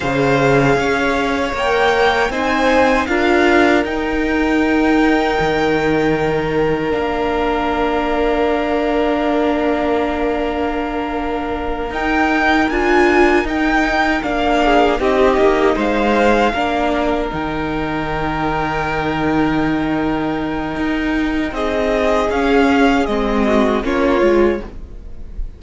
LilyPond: <<
  \new Staff \with { instrumentName = "violin" } { \time 4/4 \tempo 4 = 78 f''2 g''4 gis''4 | f''4 g''2.~ | g''4 f''2.~ | f''2.~ f''8 g''8~ |
g''8 gis''4 g''4 f''4 dis''8~ | dis''8 f''2 g''4.~ | g''1 | dis''4 f''4 dis''4 cis''4 | }
  \new Staff \with { instrumentName = "violin" } { \time 4/4 c''4 cis''2 c''4 | ais'1~ | ais'1~ | ais'1~ |
ais'2. gis'8 g'8~ | g'8 c''4 ais'2~ ais'8~ | ais'1 | gis'2~ gis'8 fis'8 f'4 | }
  \new Staff \with { instrumentName = "viola" } { \time 4/4 gis'2 ais'4 dis'4 | f'4 dis'2.~ | dis'4 d'2.~ | d'2.~ d'8 dis'8~ |
dis'8 f'4 dis'4 d'4 dis'8~ | dis'4. d'4 dis'4.~ | dis'1~ | dis'4 cis'4 c'4 cis'8 f'8 | }
  \new Staff \with { instrumentName = "cello" } { \time 4/4 cis4 cis'4 ais4 c'4 | d'4 dis'2 dis4~ | dis4 ais2.~ | ais2.~ ais8 dis'8~ |
dis'8 d'4 dis'4 ais4 c'8 | ais8 gis4 ais4 dis4.~ | dis2. dis'4 | c'4 cis'4 gis4 ais8 gis8 | }
>>